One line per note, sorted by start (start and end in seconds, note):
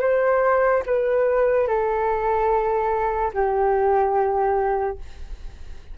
0.00 0.82 C5
0.86 1.67 B4
1.67 3.32 A4
3.33 4.98 G4